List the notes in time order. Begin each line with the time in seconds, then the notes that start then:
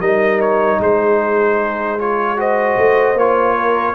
0.00 G3 D#4 A#4 D#5
0.41 C#5
0.80 G#3 G#4 C5
1.99 F4 C#5
2.37 F#4 C5 D#5
2.77 A3
3.15 A#3 F4 C#5
3.57 A#4